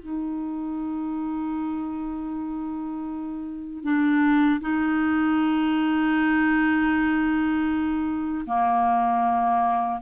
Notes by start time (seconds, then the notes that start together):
0.00 D#4
3.84 D4
4.61 D#4
8.47 A#3